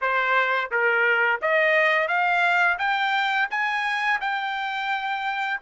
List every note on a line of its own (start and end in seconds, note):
0.01 0.70 C5
0.71 1.40 A#4
1.41 2.07 D#5
2.07 2.77 F5
2.78 3.48 G5
3.50 4.20 G#5
4.21 5.60 G5